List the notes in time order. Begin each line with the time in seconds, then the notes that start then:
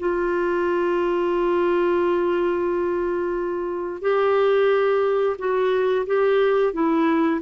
0.00 F4
4.02 G4
5.39 F#4
6.06 G4
6.74 E4